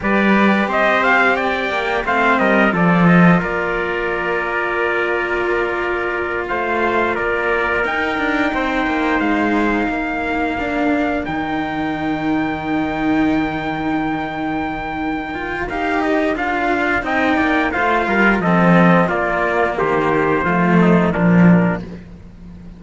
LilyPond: <<
  \new Staff \with { instrumentName = "trumpet" } { \time 4/4 \tempo 4 = 88 d''4 dis''8 f''8 g''4 f''8 dis''8 | d''8 dis''8 d''2.~ | d''4. f''4 d''4 g''8~ | g''4. f''2~ f''8~ |
f''8 g''2.~ g''8~ | g''2. f''8 dis''8 | f''4 g''4 f''4 dis''4 | d''4 c''2 ais'4 | }
  \new Staff \with { instrumentName = "trumpet" } { \time 4/4 b'4 c''4 d''4 c''8 ais'8 | a'4 ais'2.~ | ais'4. c''4 ais'4.~ | ais'8 c''2 ais'4.~ |
ais'1~ | ais'1~ | ais'4 dis''8 d''8 c''8 ais'8 a'4 | f'4 g'4 f'8 dis'8 d'4 | }
  \new Staff \with { instrumentName = "cello" } { \time 4/4 g'2. c'4 | f'1~ | f'2.~ f'8 dis'8~ | dis'2.~ dis'8 d'8~ |
d'8 dis'2.~ dis'8~ | dis'2~ dis'8 f'8 g'4 | f'4 dis'4 f'4 c'4 | ais2 a4 f4 | }
  \new Staff \with { instrumentName = "cello" } { \time 4/4 g4 c'4. ais8 a8 g8 | f4 ais2.~ | ais4. a4 ais4 dis'8 | d'8 c'8 ais8 gis4 ais4.~ |
ais8 dis2.~ dis8~ | dis2. dis'4 | d'4 c'8 ais8 a8 g8 f4 | ais4 dis4 f4 ais,4 | }
>>